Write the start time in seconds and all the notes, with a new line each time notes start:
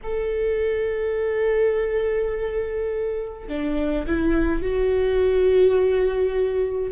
0.03 A4
3.48 D4
4.06 E4
4.62 F#4